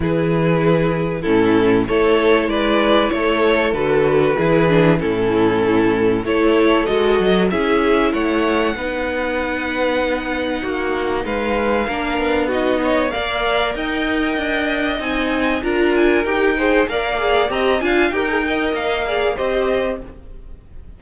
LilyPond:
<<
  \new Staff \with { instrumentName = "violin" } { \time 4/4 \tempo 4 = 96 b'2 a'4 cis''4 | d''4 cis''4 b'2 | a'2 cis''4 dis''4 | e''4 fis''2.~ |
fis''2 f''2 | dis''4 f''4 g''2 | gis''4 ais''8 gis''8 g''4 f''4 | ais''8 gis''8 g''4 f''4 dis''4 | }
  \new Staff \with { instrumentName = "violin" } { \time 4/4 gis'2 e'4 a'4 | b'4 a'2 gis'4 | e'2 a'2 | gis'4 cis''4 b'2~ |
b'4 fis'4 b'4 ais'4 | fis'8 cis''8 d''4 dis''2~ | dis''4 ais'4. c''8 d''4 | dis''8 f''8 ais'8 dis''4 d''8 c''4 | }
  \new Staff \with { instrumentName = "viola" } { \time 4/4 e'2 cis'4 e'4~ | e'2 fis'4 e'8 d'8 | cis'2 e'4 fis'4 | e'2 dis'2~ |
dis'2. d'4 | dis'4 ais'2. | dis'4 f'4 g'8 gis'8 ais'8 gis'8 | g'8 f'8 g'16 gis'16 ais'4 gis'8 g'4 | }
  \new Staff \with { instrumentName = "cello" } { \time 4/4 e2 a,4 a4 | gis4 a4 d4 e4 | a,2 a4 gis8 fis8 | cis'4 a4 b2~ |
b4 ais4 gis4 ais8 b8~ | b4 ais4 dis'4 d'4 | c'4 d'4 dis'4 ais4 | c'8 d'8 dis'4 ais4 c'4 | }
>>